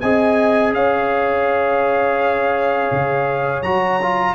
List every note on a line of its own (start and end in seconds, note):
0.00 0.73 C4
0.00 3.64 G#4
0.00 0.74 D#5
0.00 0.72 G#5
0.73 2.90 C#4
0.73 4.34 C#5
0.73 3.62 F5
2.91 3.62 C#3
3.62 4.34 F#3
3.62 4.00 F#4
3.62 4.34 A#5
4.02 4.34 F4